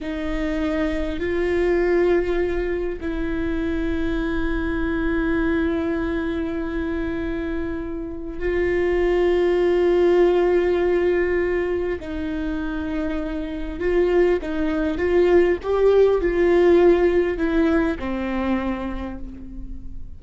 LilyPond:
\new Staff \with { instrumentName = "viola" } { \time 4/4 \tempo 4 = 100 dis'2 f'2~ | f'4 e'2.~ | e'1~ | e'2 f'2~ |
f'1 | dis'2. f'4 | dis'4 f'4 g'4 f'4~ | f'4 e'4 c'2 | }